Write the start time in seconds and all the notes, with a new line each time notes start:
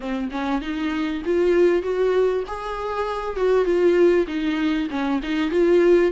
0.00 C4
0.31 C#4
0.61 D#4
1.25 F4
1.82 F#4
2.47 G#4
3.36 F#4
3.65 F4
4.27 D#4
4.90 C#4
5.22 D#4
5.50 F4